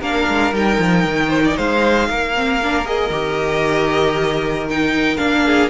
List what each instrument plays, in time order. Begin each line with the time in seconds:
0.00 cello A#3, viola D4, violin A#4 F5
0.28 cello G#3
0.52 cello G3, viola D#4, violin G5
0.78 cello F3
1.04 cello D#3
1.28 violin C5
1.44 violin D5
1.56 cello G#3, violin C5 F5
2.08 cello A#3, violin A#4
2.35 viola C4
2.63 viola D4
2.84 viola G#4, violin D#5
3.09 cello D#3, viola G4
4.69 viola D#4, violin G5
5.16 cello A#3, viola D4, violin F5
5.45 violin G#4